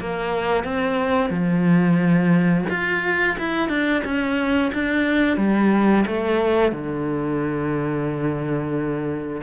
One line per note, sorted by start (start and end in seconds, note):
0.00 0.64 A#3
0.64 1.30 C4
1.30 2.65 F3
2.69 3.37 F4
3.39 3.69 E4
3.69 4.03 D4
4.04 4.72 C#4
4.74 5.37 D4
5.37 6.05 G3
6.07 6.72 A3
6.72 9.41 D3